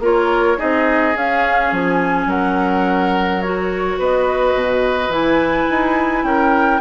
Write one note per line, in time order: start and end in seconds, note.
0.00 0.57 A#3
0.00 0.57 F4
0.00 0.58 A#4
0.00 0.60 C#5
0.57 1.16 C4
0.57 1.14 D#4
0.57 2.28 G#4
0.57 1.17 D#5
1.16 1.72 C#4
1.16 3.42 C#4
1.16 1.74 F5
1.73 2.27 F3
1.73 2.30 G#5
2.27 3.96 F#3
2.27 3.99 A#4
2.27 3.42 F#5
3.42 5.11 F#4
3.42 3.98 C#5
3.99 4.55 B3
3.99 6.25 B4
3.99 5.13 D#5
4.55 5.09 B2
5.09 5.66 E3
5.09 6.81 E4
5.09 6.25 G#5
5.70 6.24 D#4
6.24 6.80 C#4
6.24 6.81 A#4
6.24 6.81 G5